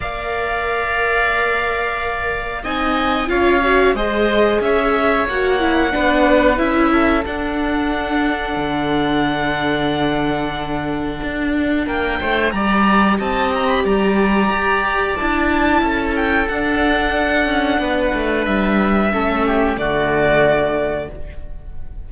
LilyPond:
<<
  \new Staff \with { instrumentName = "violin" } { \time 4/4 \tempo 4 = 91 f''1 | gis''4 f''4 dis''4 e''4 | fis''2 e''4 fis''4~ | fis''1~ |
fis''2 g''4 ais''4 | a''8 ais''16 b''16 ais''2 a''4~ | a''8 g''8 fis''2. | e''2 d''2 | }
  \new Staff \with { instrumentName = "oboe" } { \time 4/4 d''1 | dis''4 cis''4 c''4 cis''4~ | cis''4 b'4. a'4.~ | a'1~ |
a'2 ais'8 c''8 d''4 | dis''4 d''2. | a'2. b'4~ | b'4 a'8 g'8 fis'2 | }
  \new Staff \with { instrumentName = "viola" } { \time 4/4 ais'1 | dis'4 f'8 fis'8 gis'2 | fis'8 e'8 d'4 e'4 d'4~ | d'1~ |
d'2. g'4~ | g'2. e'4~ | e'4 d'2.~ | d'4 cis'4 a2 | }
  \new Staff \with { instrumentName = "cello" } { \time 4/4 ais1 | c'4 cis'4 gis4 cis'4 | ais4 b4 cis'4 d'4~ | d'4 d2.~ |
d4 d'4 ais8 a8 g4 | c'4 g4 g'4 d'4 | cis'4 d'4. cis'8 b8 a8 | g4 a4 d2 | }
>>